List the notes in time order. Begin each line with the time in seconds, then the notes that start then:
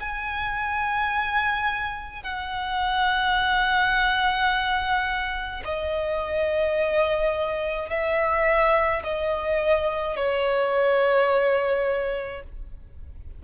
0.00 G#5
2.23 F#5
5.64 D#5
7.89 E5
9.03 D#5
10.16 C#5